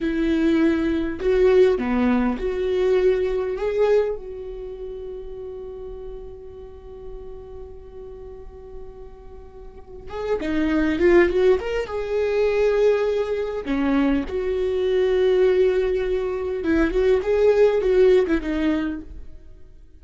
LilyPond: \new Staff \with { instrumentName = "viola" } { \time 4/4 \tempo 4 = 101 e'2 fis'4 b4 | fis'2 gis'4 fis'4~ | fis'1~ | fis'1~ |
fis'4 gis'8 dis'4 f'8 fis'8 ais'8 | gis'2. cis'4 | fis'1 | e'8 fis'8 gis'4 fis'8. e'16 dis'4 | }